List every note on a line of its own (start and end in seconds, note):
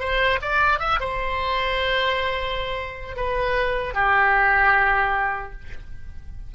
0.00 0.39 C5
0.42 0.80 D5
0.80 1.00 E5
1.00 3.17 C5
3.17 3.94 B4
3.94 5.52 G4